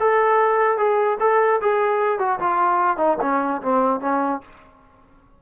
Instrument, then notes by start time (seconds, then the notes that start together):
trombone
0.00 A4
0.78 G#4
1.20 A4
1.61 G#4
2.19 F#4
2.40 F4
2.97 D#4
3.21 C#4
3.62 C4
4.00 C#4